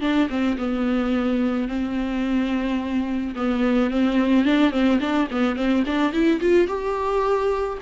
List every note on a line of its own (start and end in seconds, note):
0.00 0.28 D4
0.29 0.57 C4
0.57 1.68 B3
1.68 3.34 C4
3.35 3.90 B3
3.90 4.45 C4
4.45 4.71 D4
4.71 4.98 C4
5.00 5.28 D4
5.31 5.56 B3
5.56 5.83 C4
5.86 6.12 D4
6.12 6.40 E4
6.40 6.67 F4
6.67 7.78 G4